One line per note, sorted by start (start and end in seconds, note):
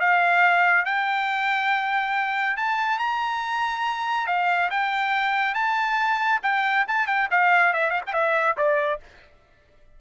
0.00 0.86 F5
0.86 2.57 G5
2.57 2.99 A5
2.99 4.27 A#5
4.27 4.70 F5
4.71 5.54 G5
5.54 6.40 A5
6.43 6.86 G5
6.88 7.07 A5
7.07 7.29 G5
7.31 7.74 F5
7.74 7.91 E5
7.91 8.01 F5
8.07 8.13 G5
8.13 8.56 E5
8.57 9.00 D5